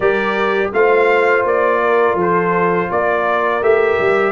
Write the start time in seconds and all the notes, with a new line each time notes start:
0.00 G3 G4 A#4 D5
0.73 A3 F4 C5 F5
1.44 A#3 D5
1.81 A#4
2.14 F3 A4
2.21 C5
2.90 A#3 A#4 D5
3.61 A3 G4 E5
3.99 G3